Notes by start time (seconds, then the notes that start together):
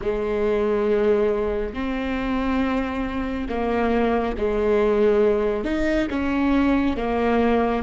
0.01 G#3
1.74 C4
3.48 A#3
4.37 G#3
5.64 D#4
6.09 C#4
6.96 A#3